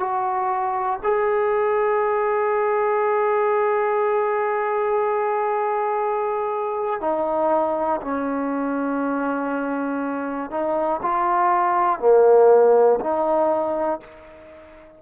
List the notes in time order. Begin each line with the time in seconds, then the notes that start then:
0.00 F#4
1.04 G#4
7.01 D#4
8.02 C#4
10.51 D#4
11.02 F4
12.00 A#3
13.00 D#4